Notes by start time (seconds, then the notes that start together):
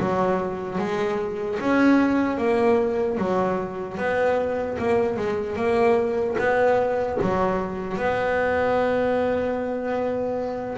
0.00 F#3
0.79 G#3
1.60 C#4
2.38 A#3
3.18 F#3
3.98 B3
4.79 A#3
5.17 G#3
5.56 A#3
6.39 B3
7.22 F#3
7.97 B3